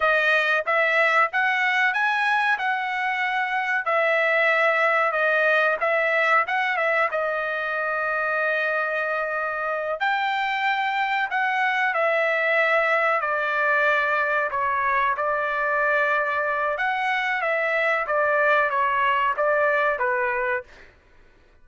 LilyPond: \new Staff \with { instrumentName = "trumpet" } { \time 4/4 \tempo 4 = 93 dis''4 e''4 fis''4 gis''4 | fis''2 e''2 | dis''4 e''4 fis''8 e''8 dis''4~ | dis''2.~ dis''8 g''8~ |
g''4. fis''4 e''4.~ | e''8 d''2 cis''4 d''8~ | d''2 fis''4 e''4 | d''4 cis''4 d''4 b'4 | }